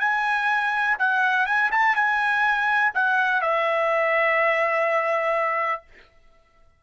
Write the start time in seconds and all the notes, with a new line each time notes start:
0.00 G#5
0.98 F#5
1.46 G#5
1.71 A5
1.95 G#5
2.94 F#5
3.41 E5